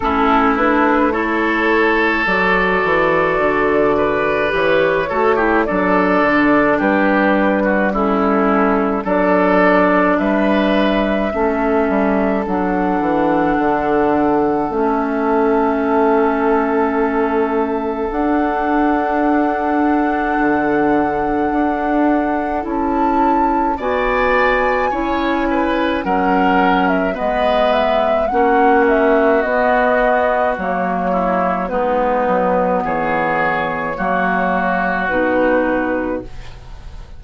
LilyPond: <<
  \new Staff \with { instrumentName = "flute" } { \time 4/4 \tempo 4 = 53 a'8 b'8 cis''4 d''2 | cis''4 d''4 b'4 a'4 | d''4 e''2 fis''4~ | fis''4 e''2. |
fis''1 | a''4 gis''2 fis''8. e''16 | dis''8 e''8 fis''8 e''8 dis''4 cis''4 | b'4 cis''2 b'4 | }
  \new Staff \with { instrumentName = "oboe" } { \time 4/4 e'4 a'2~ a'8 b'8~ | b'8 a'16 g'16 a'4 g'8. fis'16 e'4 | a'4 b'4 a'2~ | a'1~ |
a'1~ | a'4 d''4 cis''8 b'8 ais'4 | b'4 fis'2~ fis'8 e'8 | dis'4 gis'4 fis'2 | }
  \new Staff \with { instrumentName = "clarinet" } { \time 4/4 cis'8 d'8 e'4 fis'2 | g'8 fis'16 e'16 d'2 cis'4 | d'2 cis'4 d'4~ | d'4 cis'2. |
d'1 | e'4 fis'4 e'4 cis'4 | b4 cis'4 b4 ais4 | b2 ais4 dis'4 | }
  \new Staff \with { instrumentName = "bassoon" } { \time 4/4 a2 fis8 e8 d4 | e8 a8 fis8 d8 g2 | fis4 g4 a8 g8 fis8 e8 | d4 a2. |
d'2 d4 d'4 | cis'4 b4 cis'4 fis4 | gis4 ais4 b4 fis4 | gis8 fis8 e4 fis4 b,4 | }
>>